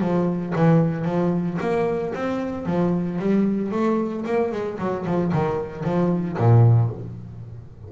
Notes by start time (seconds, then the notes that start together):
0.00 F3
0.56 E3
1.05 F3
1.60 A#3
2.14 C4
2.65 F3
3.19 G3
3.71 A3
4.25 A#3
4.52 G#3
4.79 F#3
5.06 F3
5.32 D#3
5.84 F3
6.37 A#2